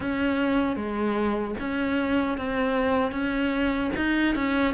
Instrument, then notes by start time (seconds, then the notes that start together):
cello
0.00 C#4
0.75 G#3
1.59 C#4
2.37 C4
3.11 C#4
3.96 D#4
4.35 C#4